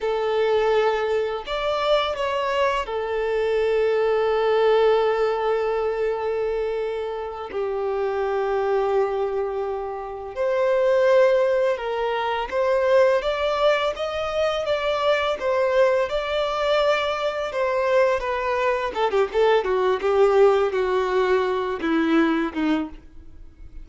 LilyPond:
\new Staff \with { instrumentName = "violin" } { \time 4/4 \tempo 4 = 84 a'2 d''4 cis''4 | a'1~ | a'2~ a'8 g'4.~ | g'2~ g'8 c''4.~ |
c''8 ais'4 c''4 d''4 dis''8~ | dis''8 d''4 c''4 d''4.~ | d''8 c''4 b'4 a'16 g'16 a'8 fis'8 | g'4 fis'4. e'4 dis'8 | }